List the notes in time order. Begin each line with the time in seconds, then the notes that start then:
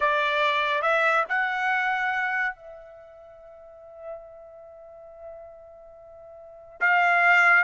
0.00 D5
0.82 E5
1.28 F#5
2.55 E5
6.80 F5